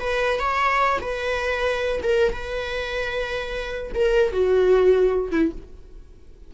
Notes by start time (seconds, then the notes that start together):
0.00 B4
0.40 C#5
1.01 B4
2.03 A#4
2.33 B4
3.95 A#4
4.33 F#4
5.32 E4